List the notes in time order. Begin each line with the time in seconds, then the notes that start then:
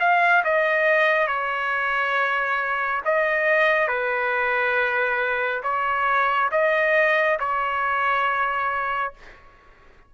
0.00 F5
0.45 D#5
1.28 C#5
3.05 D#5
3.88 B4
5.63 C#5
6.52 D#5
7.40 C#5